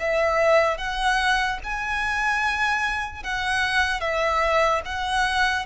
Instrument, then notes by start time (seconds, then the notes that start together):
violin
0.00 E5
0.78 F#5
1.64 G#5
3.24 F#5
4.01 E5
4.86 F#5